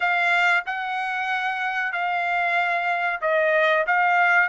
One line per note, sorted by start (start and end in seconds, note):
0.00 0.64 F5
0.66 1.92 F#5
1.92 3.19 F5
3.21 3.85 D#5
3.86 4.49 F5